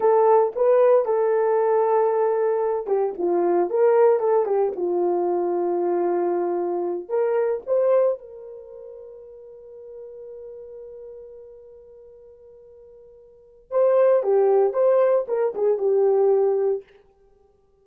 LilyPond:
\new Staff \with { instrumentName = "horn" } { \time 4/4 \tempo 4 = 114 a'4 b'4 a'2~ | a'4. g'8 f'4 ais'4 | a'8 g'8 f'2.~ | f'4. ais'4 c''4 ais'8~ |
ais'1~ | ais'1~ | ais'2 c''4 g'4 | c''4 ais'8 gis'8 g'2 | }